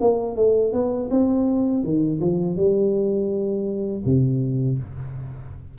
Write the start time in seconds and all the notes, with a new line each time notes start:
0.00 A#3
0.36 A3
0.73 B3
1.10 C4
1.83 D#3
2.21 F3
2.56 G3
4.05 C3